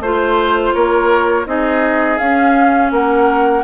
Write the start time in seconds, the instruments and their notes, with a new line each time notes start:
0.00 bassoon A3, clarinet F4, oboe C5, flute C5
0.74 bassoon A#3, oboe A#4, flute C#5
1.46 bassoon C4, clarinet D#4, oboe G#4, flute D#5
2.18 bassoon C#4, clarinet C#4, flute F5
2.91 bassoon A#3, oboe A#4, flute F#5